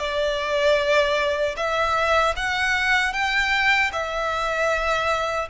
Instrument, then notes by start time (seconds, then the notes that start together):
violin
0.00 D5
1.57 E5
2.37 F#5
3.13 G5
3.93 E5